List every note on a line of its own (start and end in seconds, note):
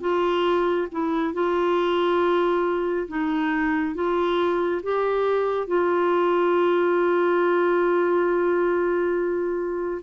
0.00 0.87 F4
0.91 1.33 E4
1.33 3.07 F4
3.08 3.94 D#4
3.94 4.81 F4
4.83 5.67 G4
5.67 10.02 F4